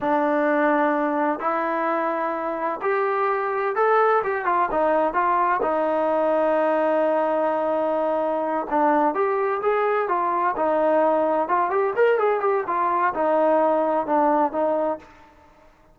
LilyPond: \new Staff \with { instrumentName = "trombone" } { \time 4/4 \tempo 4 = 128 d'2. e'4~ | e'2 g'2 | a'4 g'8 f'8 dis'4 f'4 | dis'1~ |
dis'2~ dis'8 d'4 g'8~ | g'8 gis'4 f'4 dis'4.~ | dis'8 f'8 g'8 ais'8 gis'8 g'8 f'4 | dis'2 d'4 dis'4 | }